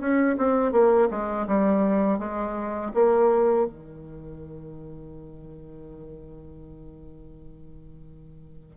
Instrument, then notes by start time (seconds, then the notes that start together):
bassoon
0.00 C#4
0.38 C4
0.72 A#3
1.10 G#3
1.47 G3
2.19 G#3
2.94 A#3
3.67 D#3